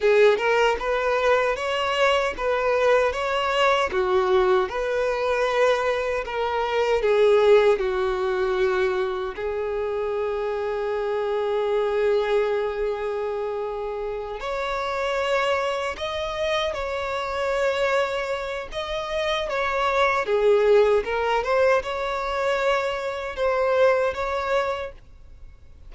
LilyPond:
\new Staff \with { instrumentName = "violin" } { \time 4/4 \tempo 4 = 77 gis'8 ais'8 b'4 cis''4 b'4 | cis''4 fis'4 b'2 | ais'4 gis'4 fis'2 | gis'1~ |
gis'2~ gis'8 cis''4.~ | cis''8 dis''4 cis''2~ cis''8 | dis''4 cis''4 gis'4 ais'8 c''8 | cis''2 c''4 cis''4 | }